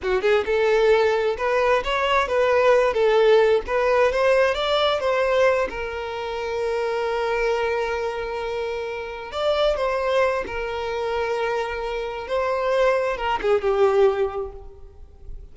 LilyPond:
\new Staff \with { instrumentName = "violin" } { \time 4/4 \tempo 4 = 132 fis'8 gis'8 a'2 b'4 | cis''4 b'4. a'4. | b'4 c''4 d''4 c''4~ | c''8 ais'2.~ ais'8~ |
ais'1~ | ais'8 d''4 c''4. ais'4~ | ais'2. c''4~ | c''4 ais'8 gis'8 g'2 | }